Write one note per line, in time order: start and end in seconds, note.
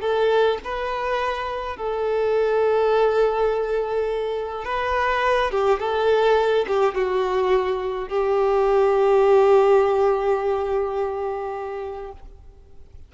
0.00 0.58 A4
0.64 1.76 B4
1.76 4.64 A4
4.64 5.50 B4
5.50 5.79 G4
5.79 6.65 A4
6.67 6.94 G4
6.94 8.08 F#4
8.08 12.12 G4